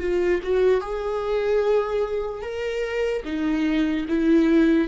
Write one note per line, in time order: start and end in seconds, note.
0.00 0.41 F4
0.43 0.81 F#4
0.81 2.42 G#4
2.42 3.23 A#4
3.25 4.06 D#4
4.08 4.88 E4